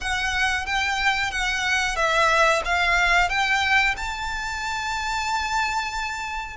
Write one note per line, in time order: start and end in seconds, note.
0.00 0.66 F#5
0.66 1.31 G5
1.31 1.96 F#5
1.96 2.62 E5
2.65 3.29 F5
3.29 3.95 G5
3.97 6.56 A5